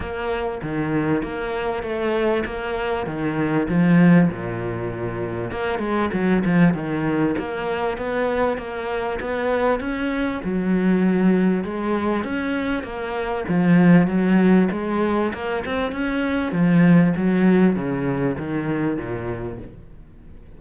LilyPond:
\new Staff \with { instrumentName = "cello" } { \time 4/4 \tempo 4 = 98 ais4 dis4 ais4 a4 | ais4 dis4 f4 ais,4~ | ais,4 ais8 gis8 fis8 f8 dis4 | ais4 b4 ais4 b4 |
cis'4 fis2 gis4 | cis'4 ais4 f4 fis4 | gis4 ais8 c'8 cis'4 f4 | fis4 cis4 dis4 ais,4 | }